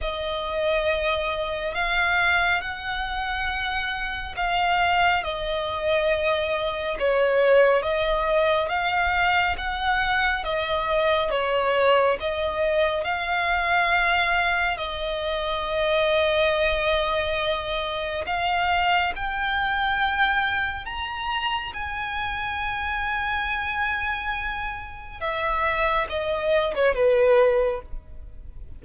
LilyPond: \new Staff \with { instrumentName = "violin" } { \time 4/4 \tempo 4 = 69 dis''2 f''4 fis''4~ | fis''4 f''4 dis''2 | cis''4 dis''4 f''4 fis''4 | dis''4 cis''4 dis''4 f''4~ |
f''4 dis''2.~ | dis''4 f''4 g''2 | ais''4 gis''2.~ | gis''4 e''4 dis''8. cis''16 b'4 | }